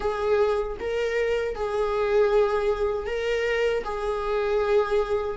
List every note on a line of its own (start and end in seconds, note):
0.00 0.77 G#4
0.80 1.55 A#4
1.55 3.06 G#4
3.06 3.83 A#4
3.84 5.37 G#4